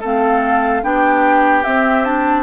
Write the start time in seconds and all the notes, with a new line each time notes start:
0.00 A3 C4 A4 F5
0.82 B3 D4 G4 G5
1.64 C4 E5
2.04 D4 A5